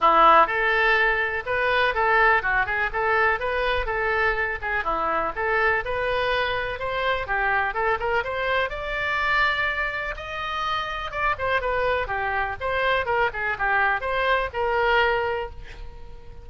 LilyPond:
\new Staff \with { instrumentName = "oboe" } { \time 4/4 \tempo 4 = 124 e'4 a'2 b'4 | a'4 fis'8 gis'8 a'4 b'4 | a'4. gis'8 e'4 a'4 | b'2 c''4 g'4 |
a'8 ais'8 c''4 d''2~ | d''4 dis''2 d''8 c''8 | b'4 g'4 c''4 ais'8 gis'8 | g'4 c''4 ais'2 | }